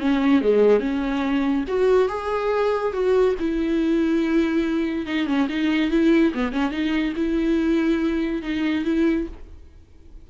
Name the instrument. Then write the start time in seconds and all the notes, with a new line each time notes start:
viola
0.00 C#4
0.42 G#3
0.80 C#4
1.68 F#4
2.09 G#4
2.93 F#4
3.40 E4
5.06 D#4
5.27 C#4
5.49 D#4
5.91 E4
6.34 B3
6.52 C#4
6.71 D#4
7.16 E4
8.42 D#4
8.85 E4